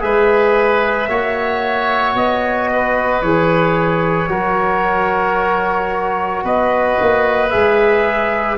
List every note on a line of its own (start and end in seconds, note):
0.00 1.09 G#3
0.00 1.07 G#4
0.00 1.10 B4
0.00 2.17 E5
1.09 2.15 A#3
1.09 3.23 F#4
1.09 2.70 C#5
2.15 3.22 B3
2.15 3.22 D#5
2.73 4.30 B4
3.22 4.29 E3
3.22 4.28 G#4
3.22 6.44 C#5
4.28 6.43 F#3
4.28 7.50 F#4
4.28 6.44 A#4
6.44 6.97 B3
6.44 8.58 B4
6.44 7.49 D#5
7.00 7.54 A#3
7.49 8.58 G#3
7.49 8.58 G#4
7.49 8.56 E5